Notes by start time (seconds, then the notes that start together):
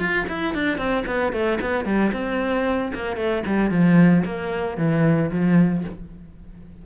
0.00 F4
0.29 E4
0.55 D4
0.78 C4
1.07 B3
1.33 A3
1.62 B3
1.86 G3
2.13 C4
2.95 A#3
3.17 A3
3.47 G3
3.71 F3
4.26 A#3
4.78 E3
5.32 F3